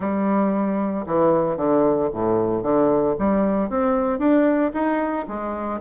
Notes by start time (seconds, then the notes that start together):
0.00 G3
1.06 E3
1.56 D3
2.12 A2
2.62 D3
3.18 G3
3.69 C4
4.18 D4
4.73 D#4
5.28 G#3